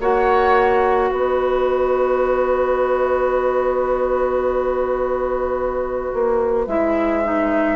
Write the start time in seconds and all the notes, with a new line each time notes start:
0.00 A#3 F#4 C#5 F#5
1.09 B3 B4 D#5
6.13 A#3
6.67 G#3 E4 E5
7.23 D#4